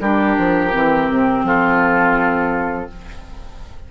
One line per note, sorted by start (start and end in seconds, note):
0.00 0.36 G3
0.00 0.71 D4
0.00 1.46 G4
0.00 1.45 A#4
0.38 0.74 F3
0.71 1.10 E3
0.71 2.87 C4
1.10 1.43 C3
1.43 2.88 F3
1.43 2.90 F4
1.43 2.91 A4